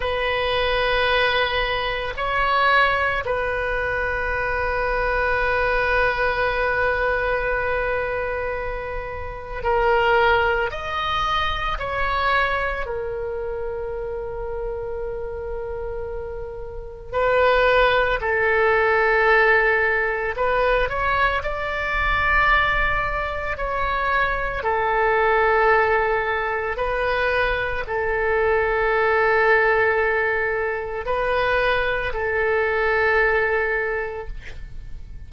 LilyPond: \new Staff \with { instrumentName = "oboe" } { \time 4/4 \tempo 4 = 56 b'2 cis''4 b'4~ | b'1~ | b'4 ais'4 dis''4 cis''4 | ais'1 |
b'4 a'2 b'8 cis''8 | d''2 cis''4 a'4~ | a'4 b'4 a'2~ | a'4 b'4 a'2 | }